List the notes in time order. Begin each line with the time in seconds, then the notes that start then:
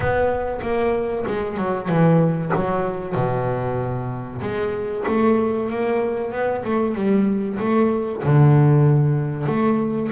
0.00 B3
0.61 A#3
1.27 G#3
1.57 F#3
1.88 E3
2.55 F#3
3.14 B2
4.41 G#3
5.07 A3
5.70 A#3
6.32 B3
6.64 A3
6.94 G3
7.59 A3
8.23 D3
9.46 A3